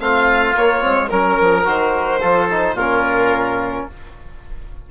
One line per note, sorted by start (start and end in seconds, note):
0.00 0.55 A3
0.00 0.55 C4
0.00 1.11 F4
0.00 0.56 F5
0.55 0.80 A#3
0.55 0.83 A#3
0.55 1.09 C#5
0.80 1.11 G#3
0.80 1.08 C4
1.09 1.39 F#3
1.09 1.64 C#4
1.09 1.64 A#4
1.09 2.20 A#4
1.41 1.67 F3
1.64 2.22 D#3
1.64 2.20 F#4
1.64 2.78 C5
2.20 2.74 F3
2.20 2.50 F4
2.20 2.75 A4
2.50 2.78 D#4
2.74 3.85 A#2
2.74 3.87 F4
2.74 3.89 A#4
2.80 3.91 C#4